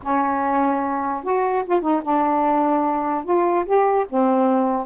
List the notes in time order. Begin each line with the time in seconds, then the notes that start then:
0.02 C#4
1.23 F#4
1.65 F4
1.81 D#4
2.03 D4
3.24 F4
3.65 G4
4.09 C4